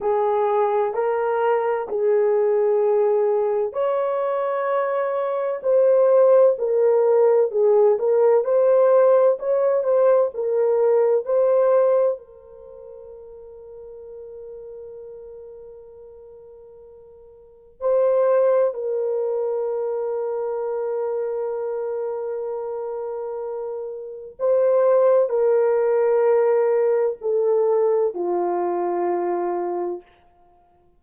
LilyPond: \new Staff \with { instrumentName = "horn" } { \time 4/4 \tempo 4 = 64 gis'4 ais'4 gis'2 | cis''2 c''4 ais'4 | gis'8 ais'8 c''4 cis''8 c''8 ais'4 | c''4 ais'2.~ |
ais'2. c''4 | ais'1~ | ais'2 c''4 ais'4~ | ais'4 a'4 f'2 | }